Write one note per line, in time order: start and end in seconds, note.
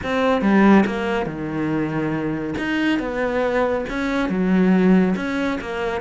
0.03 0.41 C4
0.41 0.84 G3
0.86 1.26 A#3
1.26 2.54 D#3
2.57 2.99 D#4
2.99 3.85 B3
3.89 4.29 C#4
4.29 5.14 F#3
5.15 5.58 C#4
5.60 6.01 A#3